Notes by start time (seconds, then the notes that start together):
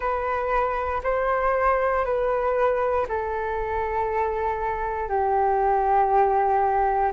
0.00 B4
1.03 C5
2.04 B4
3.08 A4
5.08 G4